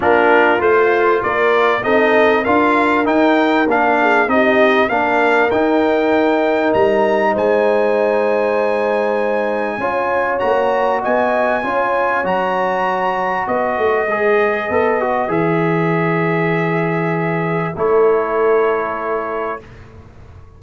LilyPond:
<<
  \new Staff \with { instrumentName = "trumpet" } { \time 4/4 \tempo 4 = 98 ais'4 c''4 d''4 dis''4 | f''4 g''4 f''4 dis''4 | f''4 g''2 ais''4 | gis''1~ |
gis''4 ais''4 gis''2 | ais''2 dis''2~ | dis''4 e''2.~ | e''4 cis''2. | }
  \new Staff \with { instrumentName = "horn" } { \time 4/4 f'2 ais'4 a'4 | ais'2~ ais'8 gis'8 g'4 | ais'1 | c''1 |
cis''2 dis''4 cis''4~ | cis''2 b'2~ | b'1~ | b'4 a'2. | }
  \new Staff \with { instrumentName = "trombone" } { \time 4/4 d'4 f'2 dis'4 | f'4 dis'4 d'4 dis'4 | d'4 dis'2.~ | dis'1 |
f'4 fis'2 f'4 | fis'2. gis'4 | a'8 fis'8 gis'2.~ | gis'4 e'2. | }
  \new Staff \with { instrumentName = "tuba" } { \time 4/4 ais4 a4 ais4 c'4 | d'4 dis'4 ais4 c'4 | ais4 dis'2 g4 | gis1 |
cis'4 ais4 b4 cis'4 | fis2 b8 a8 gis4 | b4 e2.~ | e4 a2. | }
>>